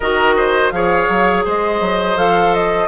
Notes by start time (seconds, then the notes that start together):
0.00 D#3 F#4 A#4 D#5
0.37 C5
0.70 F3 G#4 C#5 F5
1.08 F#3
1.45 G#3 C5 D#5
1.80 F#3
2.16 F3 A4 F5
2.53 D#5